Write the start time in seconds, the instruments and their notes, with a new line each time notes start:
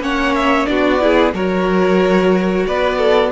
0.00 cello A#3, viola C#4, violin C#5 F#5
0.35 violin E5
0.66 cello B3, viola D4, violin F#4 D5
1.00 viola E4, violin G#4
1.34 cello F#3, viola F#4, violin A#4 C#5
2.67 cello B3, violin B4 D5
2.98 violin A4